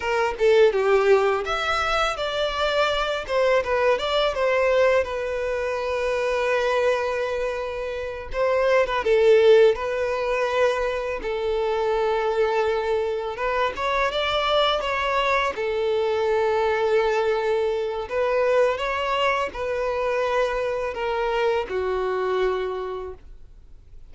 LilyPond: \new Staff \with { instrumentName = "violin" } { \time 4/4 \tempo 4 = 83 ais'8 a'8 g'4 e''4 d''4~ | d''8 c''8 b'8 d''8 c''4 b'4~ | b'2.~ b'8 c''8~ | c''16 b'16 a'4 b'2 a'8~ |
a'2~ a'8 b'8 cis''8 d''8~ | d''8 cis''4 a'2~ a'8~ | a'4 b'4 cis''4 b'4~ | b'4 ais'4 fis'2 | }